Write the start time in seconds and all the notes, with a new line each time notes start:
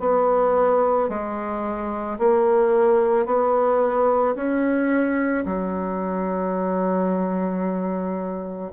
0.00 B3
1.10 G#3
2.19 A#3
3.26 B3
4.36 C#4
5.46 F#3